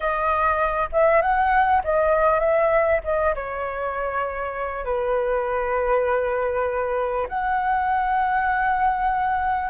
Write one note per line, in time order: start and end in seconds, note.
0.00 0.89 D#5
0.92 1.21 E5
1.21 1.82 F#5
1.83 2.39 D#5
2.39 3.00 E5
3.04 3.34 D#5
3.35 4.84 C#5
4.84 7.27 B4
7.28 9.70 F#5